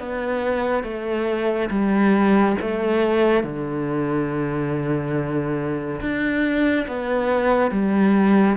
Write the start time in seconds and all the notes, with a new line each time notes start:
0.00 B3
0.84 A3
1.71 G3
2.61 A3
3.44 D3
6.01 D4
6.88 B3
7.71 G3